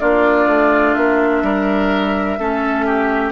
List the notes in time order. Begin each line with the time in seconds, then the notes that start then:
0.00 A#3 D4 F4 D5
0.47 A3
0.94 A#3 E5
1.43 G3 A#4
2.39 A3 C#4 A4
2.86 G4